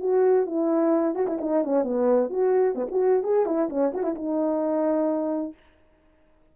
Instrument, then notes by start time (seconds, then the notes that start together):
horn
0.00 F#4
0.46 E4
1.15 F#4
1.27 E4
1.41 D#4
1.64 C#4
1.84 B3
2.30 F#4
2.75 B3
2.91 F#4
3.23 G#4
3.46 E4
3.69 C#4
3.94 F#4
4.03 E4
4.15 D#4